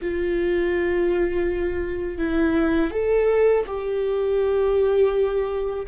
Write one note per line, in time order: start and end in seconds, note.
0.01 2.18 F4
2.18 2.90 E4
2.90 3.64 A4
3.67 5.86 G4